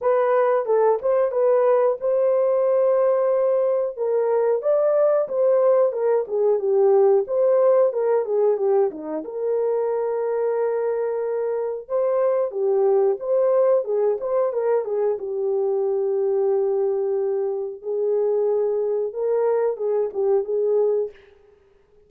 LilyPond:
\new Staff \with { instrumentName = "horn" } { \time 4/4 \tempo 4 = 91 b'4 a'8 c''8 b'4 c''4~ | c''2 ais'4 d''4 | c''4 ais'8 gis'8 g'4 c''4 | ais'8 gis'8 g'8 dis'8 ais'2~ |
ais'2 c''4 g'4 | c''4 gis'8 c''8 ais'8 gis'8 g'4~ | g'2. gis'4~ | gis'4 ais'4 gis'8 g'8 gis'4 | }